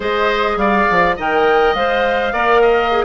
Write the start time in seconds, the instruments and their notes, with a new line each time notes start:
0.00 bassoon G#3, clarinet G#4, oboe C5, flute D#5
0.56 bassoon G3, oboe D5, flute F5
0.90 bassoon F3
1.16 bassoon D#3, clarinet A#4, oboe D#5, flute G5
1.74 bassoon G#3, clarinet C5, flute F5
2.32 bassoon A#3, clarinet A#4, oboe D5
2.61 oboe D#5
2.91 clarinet G#4